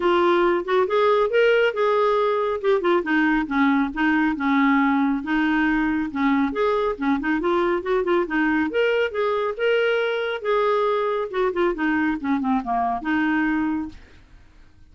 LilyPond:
\new Staff \with { instrumentName = "clarinet" } { \time 4/4 \tempo 4 = 138 f'4. fis'8 gis'4 ais'4 | gis'2 g'8 f'8 dis'4 | cis'4 dis'4 cis'2 | dis'2 cis'4 gis'4 |
cis'8 dis'8 f'4 fis'8 f'8 dis'4 | ais'4 gis'4 ais'2 | gis'2 fis'8 f'8 dis'4 | cis'8 c'8 ais4 dis'2 | }